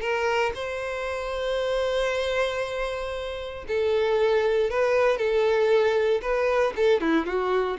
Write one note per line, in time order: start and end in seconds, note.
0.00 0.52 A#4
0.54 3.65 C5
3.67 4.70 A4
4.70 5.17 B4
5.17 6.20 A4
6.21 6.73 B4
6.76 7.00 A4
7.00 7.25 E4
7.25 7.77 F#4